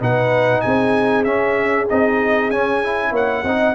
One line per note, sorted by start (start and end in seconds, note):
0.00 0.63 B2
0.00 1.25 D#4
0.00 0.63 B4
0.00 0.61 F#5
0.61 1.26 C4
0.61 3.10 G#4
0.61 1.23 G#5
1.24 1.88 C#4
1.24 1.89 C#4
1.24 1.86 E5
1.89 2.50 C4
1.89 2.52 D#4
1.89 2.50 D#5
2.50 3.11 C#4
2.50 2.83 C#4
2.50 3.13 G#5
2.83 3.46 E4
3.10 3.42 A#3
3.10 3.42 C#5
3.10 3.74 F#5
3.43 3.74 C4
3.43 3.74 D#4
3.43 3.74 D#5